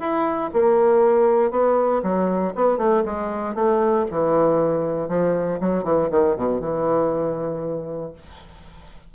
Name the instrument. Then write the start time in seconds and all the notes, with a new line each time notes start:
bassoon
0.00 E4
0.54 A#3
1.51 B3
2.03 F#3
2.56 B3
2.78 A3
3.06 G#3
3.55 A3
4.11 E3
5.09 F3
5.61 F#3
5.84 E3
6.11 D#3
6.37 B2
6.61 E3